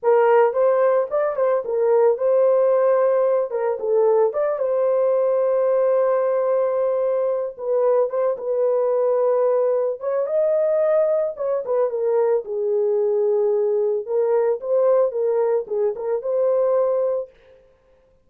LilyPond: \new Staff \with { instrumentName = "horn" } { \time 4/4 \tempo 4 = 111 ais'4 c''4 d''8 c''8 ais'4 | c''2~ c''8 ais'8 a'4 | d''8 c''2.~ c''8~ | c''2 b'4 c''8 b'8~ |
b'2~ b'8 cis''8 dis''4~ | dis''4 cis''8 b'8 ais'4 gis'4~ | gis'2 ais'4 c''4 | ais'4 gis'8 ais'8 c''2 | }